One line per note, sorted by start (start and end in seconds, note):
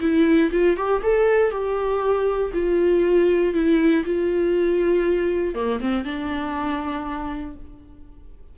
0.00 0.50 E4
0.51 0.76 F4
0.76 1.02 G4
1.02 1.51 A4
1.51 2.51 G4
2.53 3.54 F4
3.54 4.04 E4
4.05 5.54 F4
5.54 5.79 A#3
5.80 6.04 C4
6.04 7.56 D4